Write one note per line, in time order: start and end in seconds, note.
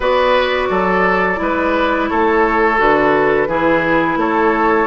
0.00 0.69 B3
0.00 1.35 F#4
0.00 0.68 B4
0.00 2.09 D5
0.69 1.39 F#3
0.69 1.39 A4
1.35 2.10 G#3
1.35 2.75 E4
1.42 2.09 B4
2.09 2.79 A3
2.09 3.48 A4
2.09 2.78 C#5
2.77 3.47 D3
2.77 3.47 F#4
2.77 4.19 B4
3.47 4.16 E3
3.47 4.86 E4
3.47 4.18 G#4
4.16 4.86 A3
4.16 4.86 A4
4.16 4.86 C#5